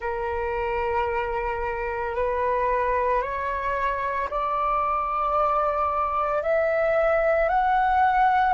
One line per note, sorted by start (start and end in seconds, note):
0.00 2.15 A#4
2.15 3.21 B4
3.21 4.29 C#5
4.30 6.42 D5
6.42 7.49 E5
7.49 8.53 F#5